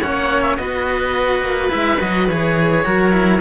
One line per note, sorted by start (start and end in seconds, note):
0.00 0.57 A#3
0.00 0.58 C#4
0.00 0.57 C#5
0.00 0.42 F#5
0.42 0.56 E5
0.56 1.40 B3
0.56 1.69 F#4
0.56 2.85 B4
0.56 1.70 D#5
1.40 1.69 A#3
1.69 2.01 G#3
1.69 1.97 E4
1.69 1.99 E5
2.00 2.28 F#3
2.00 2.28 F#4
2.00 2.27 D#5
2.27 2.85 E3
2.27 2.84 G#4
2.27 3.41 C#5
2.84 3.41 F#3
2.84 3.11 F#4
2.84 3.41 A#4
3.11 3.39 E4